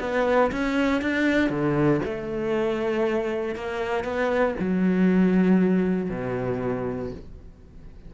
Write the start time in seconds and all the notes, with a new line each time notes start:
0.00 B3
0.52 C#4
1.02 D4
1.50 D3
2.05 A3
3.55 A#3
4.04 B3
4.59 F#3
6.10 B2